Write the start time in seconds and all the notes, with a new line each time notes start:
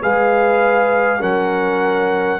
0.00 G#3 G#4 B4 F5
1.19 F#3 C#4 A#4 F#5